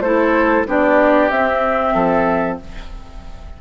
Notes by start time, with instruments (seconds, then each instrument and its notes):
0.00 bassoon A3, clarinet E4, oboe A4, flute C5
0.66 bassoon B3, clarinet D4, oboe G4, flute D5
1.29 bassoon C4, clarinet C4, flute E5
1.94 bassoon F3, oboe A4